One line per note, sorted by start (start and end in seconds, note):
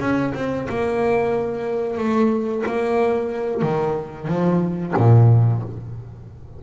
0.00 0.33 C#4
0.34 0.67 C4
0.69 1.98 A#3
1.98 2.64 A3
2.66 3.61 A#3
3.61 4.27 D#3
4.28 4.94 F3
4.97 5.63 A#2